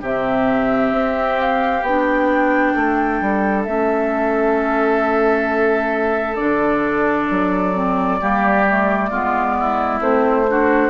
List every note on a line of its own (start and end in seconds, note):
0.00 0.91 C3
0.00 1.84 C4
0.00 2.73 G4
0.00 1.40 E5
0.91 1.82 C4
1.40 1.83 F5
1.82 2.73 B3
1.82 3.66 D4
1.82 3.64 G5
2.74 3.21 A3
2.74 8.20 A4
3.21 3.66 G3
3.64 6.39 A3
3.64 6.37 C#4
3.64 6.35 E5
6.35 7.30 D3
6.35 7.73 D4
6.35 9.99 D5
7.30 8.21 F#3
7.73 8.19 C4
8.19 9.10 G3
8.19 8.65 A#3
8.19 9.10 G4
8.68 9.12 A3
9.10 10.00 G#3
9.10 10.00 B3
9.10 9.55 F4
9.59 10.50 E4
10.00 10.90 A3
10.00 10.45 C4
10.00 10.90 C5
10.48 10.90 D4
10.48 10.90 F#4